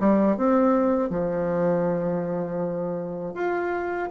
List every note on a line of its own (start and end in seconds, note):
0.00 0.38 G3
0.38 1.10 C4
1.10 3.35 F3
3.35 4.10 F4